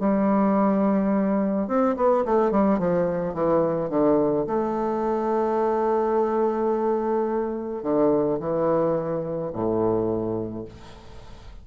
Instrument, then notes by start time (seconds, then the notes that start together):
bassoon
0.00 G3
1.68 C4
1.97 B3
2.26 A3
2.52 G3
2.79 F3
3.34 E3
3.90 D3
4.47 A3
7.83 D3
8.40 E3
9.53 A2